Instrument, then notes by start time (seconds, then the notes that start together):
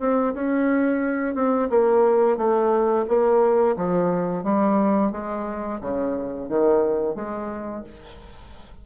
bassoon
0.00 C4
0.34 C#4
1.35 C4
1.70 A#3
2.37 A3
3.08 A#3
3.77 F3
4.44 G3
5.12 G#3
5.81 C#3
6.49 D#3
7.16 G#3